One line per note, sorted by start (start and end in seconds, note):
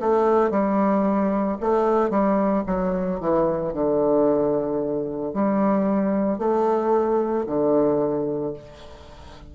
0.00 0.50 A3
0.50 1.57 G3
1.60 2.10 A3
2.10 2.63 G3
2.66 3.19 F#3
3.20 3.73 E3
3.73 5.33 D3
5.33 6.38 G3
6.38 7.45 A3
7.46 8.53 D3